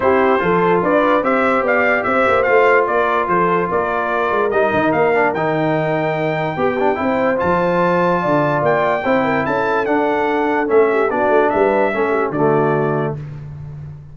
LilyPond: <<
  \new Staff \with { instrumentName = "trumpet" } { \time 4/4 \tempo 4 = 146 c''2 d''4 e''4 | f''4 e''4 f''4 d''4 | c''4 d''2 dis''4 | f''4 g''2.~ |
g''2 a''2~ | a''4 g''2 a''4 | fis''2 e''4 d''4 | e''2 d''2 | }
  \new Staff \with { instrumentName = "horn" } { \time 4/4 g'4 a'4 b'4 c''4 | d''4 c''2 ais'4 | a'4 ais'2.~ | ais'1 |
g'4 c''2. | d''2 c''8 ais'8 a'4~ | a'2~ a'8 g'8 fis'4 | b'4 a'8 g'8 fis'2 | }
  \new Staff \with { instrumentName = "trombone" } { \time 4/4 e'4 f'2 g'4~ | g'2 f'2~ | f'2. dis'4~ | dis'8 d'8 dis'2. |
g'8 d'8 e'4 f'2~ | f'2 e'2 | d'2 cis'4 d'4~ | d'4 cis'4 a2 | }
  \new Staff \with { instrumentName = "tuba" } { \time 4/4 c'4 f4 d'4 c'4 | b4 c'8 ais8 a4 ais4 | f4 ais4. gis8 g8 dis8 | ais4 dis2. |
b4 c'4 f2 | d4 ais4 c'4 cis'4 | d'2 a4 b8 a8 | g4 a4 d2 | }
>>